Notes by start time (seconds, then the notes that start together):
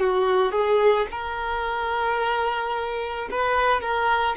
0.00 F#4
0.52 G#4
1.11 A#4
3.31 B4
3.82 A#4